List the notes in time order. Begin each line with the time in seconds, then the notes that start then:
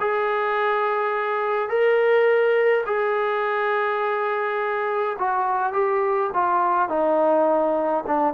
0.00 G#4
1.69 A#4
2.86 G#4
5.18 F#4
5.72 G4
6.33 F4
6.88 D#4
8.07 D4